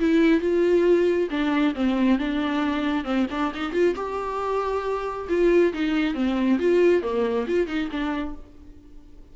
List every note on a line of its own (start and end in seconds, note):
0.00 0.41 E4
0.41 1.29 F4
1.31 1.75 D4
1.75 2.19 C4
2.19 3.05 D4
3.05 3.27 C4
3.31 3.53 D4
3.55 3.73 D#4
3.73 3.95 F4
3.95 5.28 G4
5.29 5.73 F4
5.74 6.15 D#4
6.15 6.59 C4
6.60 7.02 F4
7.02 7.47 A#3
7.47 7.68 F4
7.68 7.90 D#4
7.91 8.35 D4